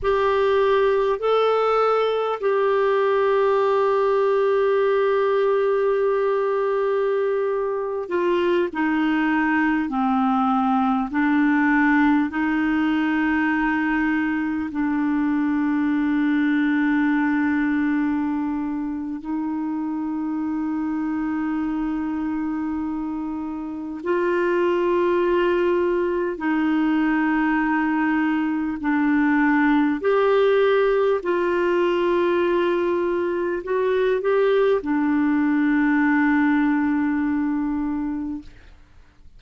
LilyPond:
\new Staff \with { instrumentName = "clarinet" } { \time 4/4 \tempo 4 = 50 g'4 a'4 g'2~ | g'2~ g'8. f'8 dis'8.~ | dis'16 c'4 d'4 dis'4.~ dis'16~ | dis'16 d'2.~ d'8. |
dis'1 | f'2 dis'2 | d'4 g'4 f'2 | fis'8 g'8 d'2. | }